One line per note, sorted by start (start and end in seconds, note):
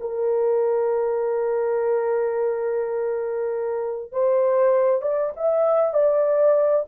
0.00 4.12 A#4
4.12 5.01 C5
5.01 5.32 D5
5.36 5.94 E5
5.94 6.85 D5